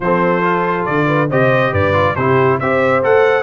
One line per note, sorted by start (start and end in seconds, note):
0.00 0.85 F3
0.00 0.41 C4
0.00 1.06 A4
0.00 0.85 C5
0.41 1.28 F4
0.85 1.31 D3
0.85 1.28 D5
1.06 1.28 B4
1.29 1.72 C3
1.29 1.93 G4
1.29 1.71 C5
1.29 1.73 D#5
1.71 2.15 G2
1.71 2.15 B4
1.71 2.15 D5
1.93 2.15 F4
2.15 2.60 C3
2.15 2.61 E4
2.15 2.59 G4
2.15 2.58 C5
2.59 3.02 C4
2.59 3.02 G4
2.59 3.43 C5
2.59 3.03 E5
3.02 3.43 A3
3.02 3.43 A4
3.02 3.43 F#5